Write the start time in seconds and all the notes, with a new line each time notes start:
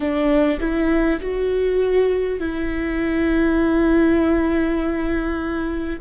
0.00 D4
0.59 E4
1.20 F#4
2.39 E4